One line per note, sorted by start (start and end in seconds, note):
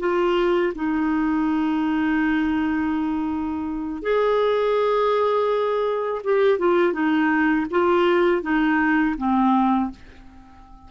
0.00 0.73 F4
0.75 4.02 D#4
4.02 6.22 G#4
6.24 6.59 G4
6.59 6.93 F4
6.93 7.66 D#4
7.70 8.42 F4
8.42 9.15 D#4
9.18 9.91 C4